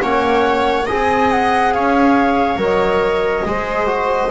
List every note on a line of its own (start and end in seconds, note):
0.00 0.88 A#3
0.00 0.86 C#4
0.00 0.86 C#5
0.00 0.86 F#5
0.86 1.76 C4
0.86 2.57 G#4
0.86 1.71 D#5
0.86 1.31 G#5
1.31 1.73 F#5
1.73 2.56 C#4
1.73 3.46 C#5
1.73 2.59 F5
2.56 3.41 F#3
2.56 3.43 A#4
2.62 4.31 D#5
3.45 4.31 G#3
3.45 3.86 G#4
3.45 4.31 C5
3.86 4.29 F#4